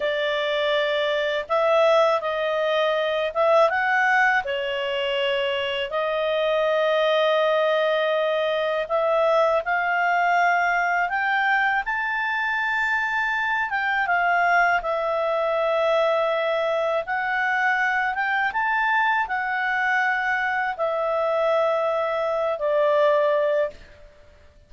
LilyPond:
\new Staff \with { instrumentName = "clarinet" } { \time 4/4 \tempo 4 = 81 d''2 e''4 dis''4~ | dis''8 e''8 fis''4 cis''2 | dis''1 | e''4 f''2 g''4 |
a''2~ a''8 g''8 f''4 | e''2. fis''4~ | fis''8 g''8 a''4 fis''2 | e''2~ e''8 d''4. | }